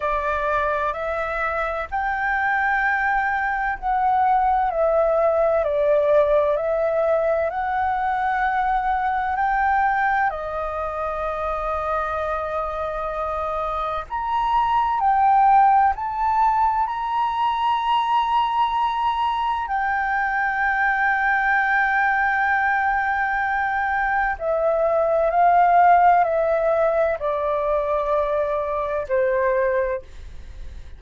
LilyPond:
\new Staff \with { instrumentName = "flute" } { \time 4/4 \tempo 4 = 64 d''4 e''4 g''2 | fis''4 e''4 d''4 e''4 | fis''2 g''4 dis''4~ | dis''2. ais''4 |
g''4 a''4 ais''2~ | ais''4 g''2.~ | g''2 e''4 f''4 | e''4 d''2 c''4 | }